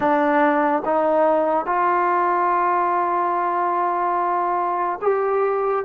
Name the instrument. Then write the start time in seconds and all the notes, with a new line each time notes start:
trombone
0.00 D4
0.85 D#4
1.66 F4
5.02 G4